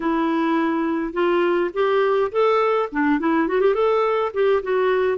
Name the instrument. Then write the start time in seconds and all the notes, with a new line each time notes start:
clarinet
0.00 E4
1.13 F4
1.73 G4
2.31 A4
2.91 D4
3.19 E4
3.48 F#4
3.60 G4
3.74 A4
4.33 G4
4.63 F#4